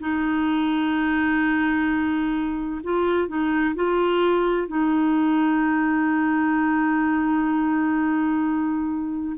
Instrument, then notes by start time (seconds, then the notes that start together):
clarinet
0.00 D#4
2.84 F4
3.28 D#4
3.75 F4
4.67 D#4